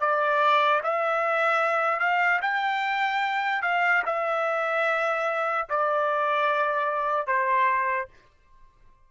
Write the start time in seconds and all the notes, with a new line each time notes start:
0.00 D5
0.83 E5
2.00 F5
2.42 G5
3.62 F5
4.06 E5
5.69 D5
7.27 C5